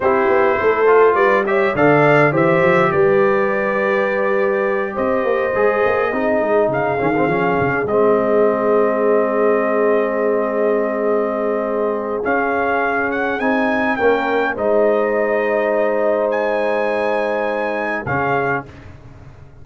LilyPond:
<<
  \new Staff \with { instrumentName = "trumpet" } { \time 4/4 \tempo 4 = 103 c''2 d''8 e''8 f''4 | e''4 d''2.~ | d''8 dis''2. f''8~ | f''4. dis''2~ dis''8~ |
dis''1~ | dis''4 f''4. fis''8 gis''4 | g''4 dis''2. | gis''2. f''4 | }
  \new Staff \with { instrumentName = "horn" } { \time 4/4 g'4 a'4 b'8 cis''8 d''4 | c''4 b'2.~ | b'8 c''2 gis'4.~ | gis'1~ |
gis'1~ | gis'1 | ais'4 c''2.~ | c''2. gis'4 | }
  \new Staff \with { instrumentName = "trombone" } { \time 4/4 e'4. f'4 g'8 a'4 | g'1~ | g'4. gis'4 dis'4. | cis'16 c'16 cis'4 c'2~ c'8~ |
c'1~ | c'4 cis'2 dis'4 | cis'4 dis'2.~ | dis'2. cis'4 | }
  \new Staff \with { instrumentName = "tuba" } { \time 4/4 c'8 b8 a4 g4 d4 | e8 f8 g2.~ | g8 c'8 ais8 gis8 ais8 c'8 gis8 cis8 | dis8 f8 cis8 gis2~ gis8~ |
gis1~ | gis4 cis'2 c'4 | ais4 gis2.~ | gis2. cis4 | }
>>